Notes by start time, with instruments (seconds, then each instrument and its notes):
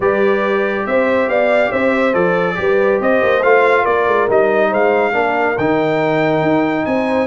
0.00 tuba G3, trombone G4, horn B4, trumpet D5
0.86 tuba C4, horn C5, trumpet E5
1.27 tuba B3, horn D5, trumpet F5
1.70 tuba C4, horn C5, trumpet E5
2.13 tuba F3, trombone A4, trumpet D5
2.55 tuba G3, trombone G4, horn B4
3.00 tuba C4, horn C5, trumpet D#5
3.22 tuba A#3
3.42 tuba A3, trombone F4, trumpet F5
3.82 tuba A#3, horn A#4, trumpet D5
4.07 tuba G#3
4.28 tuba G3, trombone D#4, trumpet D#5
4.69 tuba G#3, horn C5, trumpet F5
5.12 tuba A#3, trombone D4, horn A#4
5.57 tuba D#3, trombone D#4, trumpet G5
6.42 tuba D#4
6.85 tuba C4, horn C5, trumpet G#5